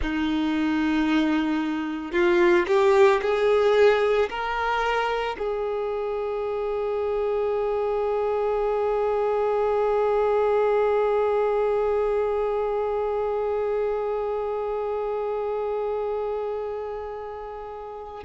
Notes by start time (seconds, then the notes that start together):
0.01 D#4
2.12 F4
2.67 G4
3.21 G#4
4.29 A#4
5.38 G#4